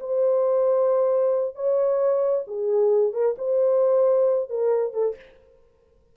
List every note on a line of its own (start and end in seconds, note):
0.00 1.55 C5
1.55 2.45 C#5
2.47 3.13 G#4
3.13 3.36 A#4
3.38 4.50 C5
4.50 4.93 A#4
4.93 5.16 A4